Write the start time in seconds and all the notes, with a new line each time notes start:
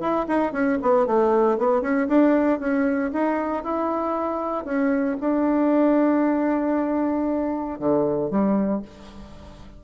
0.00 E4
0.28 D#4
0.52 C#4
0.82 B3
1.06 A3
1.58 B3
1.81 C#4
2.08 D4
2.59 C#4
3.12 D#4
3.63 E4
4.65 C#4
5.20 D4
7.79 D3
8.30 G3